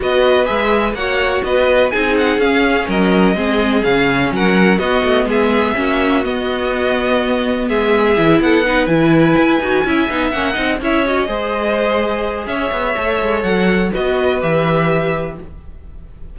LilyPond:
<<
  \new Staff \with { instrumentName = "violin" } { \time 4/4 \tempo 4 = 125 dis''4 e''4 fis''4 dis''4 | gis''8 fis''8 f''4 dis''2 | f''4 fis''4 dis''4 e''4~ | e''4 dis''2. |
e''4. fis''4 gis''4.~ | gis''4. fis''4 e''8 dis''4~ | dis''2 e''2 | fis''4 dis''4 e''2 | }
  \new Staff \with { instrumentName = "violin" } { \time 4/4 b'2 cis''4 b'4 | gis'2 ais'4 gis'4~ | gis'4 ais'4 fis'4 gis'4 | fis'1 |
gis'4. a'8 b'2~ | b'8 e''4. dis''8 cis''4 c''8~ | c''2 cis''2~ | cis''4 b'2. | }
  \new Staff \with { instrumentName = "viola" } { \time 4/4 fis'4 gis'4 fis'2 | dis'4 cis'2 c'4 | cis'2 b2 | cis'4 b2.~ |
b4 e'4 dis'8 e'4. | fis'8 e'8 dis'8 cis'8 dis'8 e'8 fis'8 gis'8~ | gis'2. a'4~ | a'4 fis'4 g'2 | }
  \new Staff \with { instrumentName = "cello" } { \time 4/4 b4 gis4 ais4 b4 | c'4 cis'4 fis4 gis4 | cis4 fis4 b8 a8 gis4 | ais4 b2. |
gis4 e8 b4 e4 e'8 | dis'8 cis'8 b8 ais8 c'8 cis'4 gis8~ | gis2 cis'8 b8 a8 gis8 | fis4 b4 e2 | }
>>